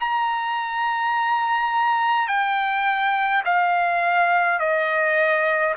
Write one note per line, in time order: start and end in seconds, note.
0.00 2.28 A#5
2.28 3.43 G5
3.45 4.59 F5
4.59 5.74 D#5